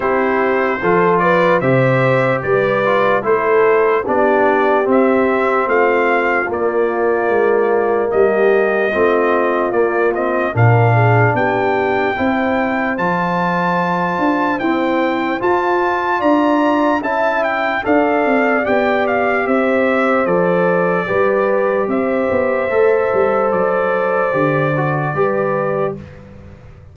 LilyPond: <<
  \new Staff \with { instrumentName = "trumpet" } { \time 4/4 \tempo 4 = 74 c''4. d''8 e''4 d''4 | c''4 d''4 e''4 f''4 | d''2 dis''2 | d''8 dis''8 f''4 g''2 |
a''2 g''4 a''4 | ais''4 a''8 g''8 f''4 g''8 f''8 | e''4 d''2 e''4~ | e''4 d''2. | }
  \new Staff \with { instrumentName = "horn" } { \time 4/4 g'4 a'8 b'8 c''4 b'4 | a'4 g'2 f'4~ | f'2 g'4 f'4~ | f'4 ais'8 gis'8 g'4 c''4~ |
c''1 | d''4 e''4 d''2 | c''2 b'4 c''4~ | c''2. b'4 | }
  \new Staff \with { instrumentName = "trombone" } { \time 4/4 e'4 f'4 g'4. f'8 | e'4 d'4 c'2 | ais2. c'4 | ais8 c'8 d'2 e'4 |
f'2 c'4 f'4~ | f'4 e'4 a'4 g'4~ | g'4 a'4 g'2 | a'2 g'8 fis'8 g'4 | }
  \new Staff \with { instrumentName = "tuba" } { \time 4/4 c'4 f4 c4 g4 | a4 b4 c'4 a4 | ais4 gis4 g4 a4 | ais4 ais,4 b4 c'4 |
f4. d'8 e'4 f'4 | d'4 cis'4 d'8 c'8 b4 | c'4 f4 g4 c'8 b8 | a8 g8 fis4 d4 g4 | }
>>